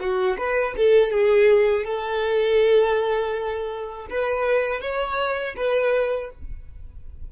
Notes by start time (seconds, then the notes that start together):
0.00 F#4
0.38 B4
0.77 A4
1.11 G#4
1.85 A4
4.10 B4
4.81 C#5
5.57 B4